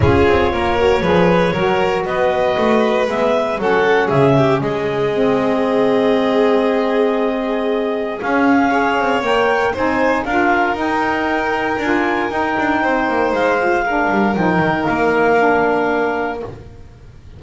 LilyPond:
<<
  \new Staff \with { instrumentName = "clarinet" } { \time 4/4 \tempo 4 = 117 cis''1 | dis''2 e''4 fis''4 | e''4 dis''2.~ | dis''1 |
f''2 g''4 gis''4 | f''4 g''2 gis''4 | g''2 f''2 | g''4 f''2. | }
  \new Staff \with { instrumentName = "violin" } { \time 4/4 gis'4 ais'4 b'4 ais'4 | b'2. a'4 | gis'8 g'8 gis'2.~ | gis'1~ |
gis'4 cis''2 c''4 | ais'1~ | ais'4 c''2 ais'4~ | ais'1 | }
  \new Staff \with { instrumentName = "saxophone" } { \time 4/4 f'4. fis'8 gis'4 fis'4~ | fis'2 b4 cis'4~ | cis'2 c'2~ | c'1 |
cis'4 gis'4 ais'4 dis'4 | f'4 dis'2 f'4 | dis'2~ dis'8 f'8 d'4 | dis'2 d'2 | }
  \new Staff \with { instrumentName = "double bass" } { \time 4/4 cis'8 c'8 ais4 f4 fis4 | b4 a4 gis4 fis4 | cis4 gis2.~ | gis1 |
cis'4. c'8 ais4 c'4 | d'4 dis'2 d'4 | dis'8 d'8 c'8 ais8 gis4. g8 | f8 dis8 ais2. | }
>>